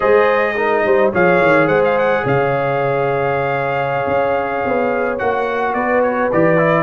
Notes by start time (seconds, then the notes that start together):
0.00 G#3 G#4 C5 D#5
0.56 D#4 A#4
0.84 G3 C5
1.12 F3 G#4 C#5 F5
1.41 D#3
1.67 G#3 C5 F#5
1.84 F5
1.98 F#5
2.23 C#3 C#5 F5
4.06 C#4
4.65 B3
5.18 A#3 F#4 F#5
5.73 B3 B4 D5
6.02 C#5
6.31 E3 G4 D5
6.57 E4